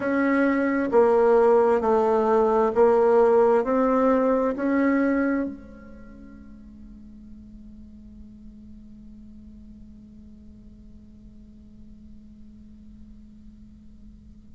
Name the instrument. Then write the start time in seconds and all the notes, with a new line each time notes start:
bassoon
0.00 C#4
0.91 A#3
1.81 A3
2.74 A#3
3.64 C4
4.55 C#4
5.45 G#3